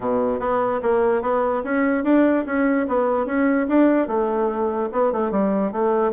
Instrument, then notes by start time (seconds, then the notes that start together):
bassoon
0.00 B2
0.39 B3
0.82 A#3
1.22 B3
1.64 C#4
2.04 D4
2.45 C#4
2.88 B3
3.26 C#4
3.68 D4
4.07 A3
4.91 B3
5.12 A3
5.31 G3
5.72 A3